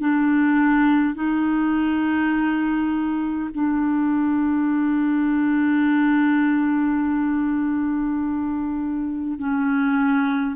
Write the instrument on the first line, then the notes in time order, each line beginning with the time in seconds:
clarinet
0.00 D4
1.14 D#4
3.55 D4
9.39 C#4